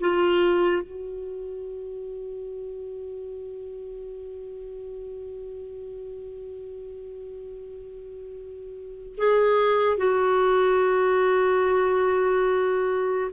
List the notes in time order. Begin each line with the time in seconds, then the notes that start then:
0.00 F4
0.82 F#4
9.17 G#4
9.97 F#4